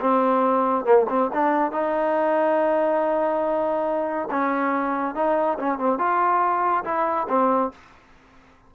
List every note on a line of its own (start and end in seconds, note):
0.00 0.85 C4
0.85 1.06 A#3
1.09 1.30 C4
1.33 1.71 D4
1.71 4.28 D#4
4.30 5.14 C#4
5.14 5.57 D#4
5.59 5.78 C#4
5.78 5.98 C4
5.98 6.84 F4
6.84 7.27 E4
7.29 7.71 C4